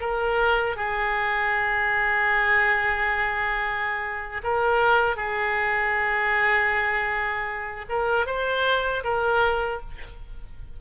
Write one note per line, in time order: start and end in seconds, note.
0.00 0.76 A#4
0.76 4.42 G#4
4.43 5.16 A#4
5.16 7.85 G#4
7.89 8.26 A#4
8.26 9.03 C5
9.04 9.81 A#4